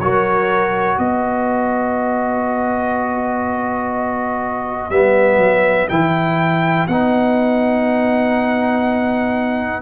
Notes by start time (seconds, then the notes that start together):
0.00 F#3 F#4 A#4 C#5
0.98 B3 B4 D#5
4.90 G3 B3 E5
5.37 F#3
5.89 E3 E4 G5
6.88 B3 D#4 F#5